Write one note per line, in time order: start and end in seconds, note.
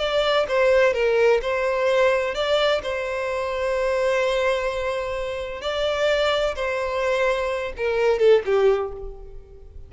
0.00 0.47 D5
0.49 0.94 C5
0.94 1.41 A#4
1.42 2.35 C5
2.35 2.82 D5
2.83 5.62 C5
5.62 6.56 D5
6.56 7.73 C5
7.77 8.19 A#4
8.19 8.43 A4
8.46 8.93 G4